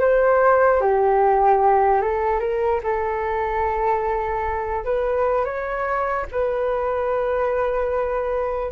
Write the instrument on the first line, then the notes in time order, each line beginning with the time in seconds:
flute
0.00 C5
0.81 G4
2.01 A4
2.40 A#4
2.83 A4
4.85 B4
5.45 C#5
6.32 B4